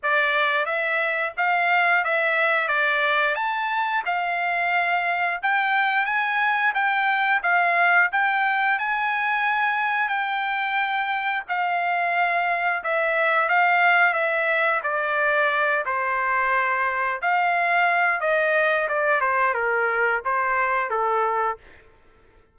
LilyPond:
\new Staff \with { instrumentName = "trumpet" } { \time 4/4 \tempo 4 = 89 d''4 e''4 f''4 e''4 | d''4 a''4 f''2 | g''4 gis''4 g''4 f''4 | g''4 gis''2 g''4~ |
g''4 f''2 e''4 | f''4 e''4 d''4. c''8~ | c''4. f''4. dis''4 | d''8 c''8 ais'4 c''4 a'4 | }